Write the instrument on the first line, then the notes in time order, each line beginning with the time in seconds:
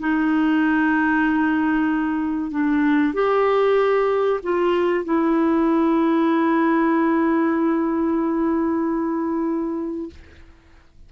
clarinet
0.00 D#4
2.51 D4
3.14 G4
4.43 F4
5.05 E4